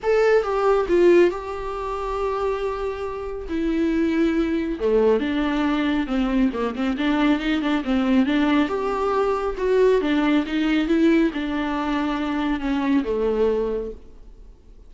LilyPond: \new Staff \with { instrumentName = "viola" } { \time 4/4 \tempo 4 = 138 a'4 g'4 f'4 g'4~ | g'1 | e'2. a4 | d'2 c'4 ais8 c'8 |
d'4 dis'8 d'8 c'4 d'4 | g'2 fis'4 d'4 | dis'4 e'4 d'2~ | d'4 cis'4 a2 | }